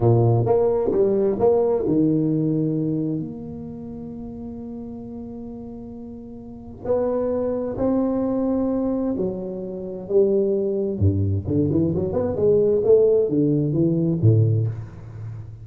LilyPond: \new Staff \with { instrumentName = "tuba" } { \time 4/4 \tempo 4 = 131 ais,4 ais4 g4 ais4 | dis2. ais4~ | ais1~ | ais2. b4~ |
b4 c'2. | fis2 g2 | g,4 d8 e8 fis8 b8 gis4 | a4 d4 e4 a,4 | }